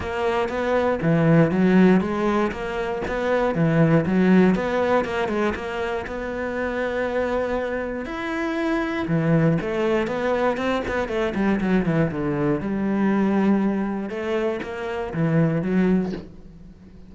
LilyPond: \new Staff \with { instrumentName = "cello" } { \time 4/4 \tempo 4 = 119 ais4 b4 e4 fis4 | gis4 ais4 b4 e4 | fis4 b4 ais8 gis8 ais4 | b1 |
e'2 e4 a4 | b4 c'8 b8 a8 g8 fis8 e8 | d4 g2. | a4 ais4 e4 fis4 | }